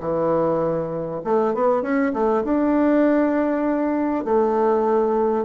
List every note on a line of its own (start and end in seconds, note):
0.00 1.21 E3
1.24 1.54 A3
1.54 1.82 B3
1.82 2.12 C#4
2.13 2.43 A3
2.44 4.24 D4
4.24 5.45 A3